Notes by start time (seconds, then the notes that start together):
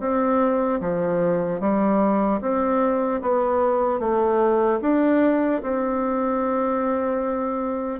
0.00 C4
0.80 F3
1.60 G3
2.41 C4
3.21 B3
3.99 A3
4.81 D4
5.63 C4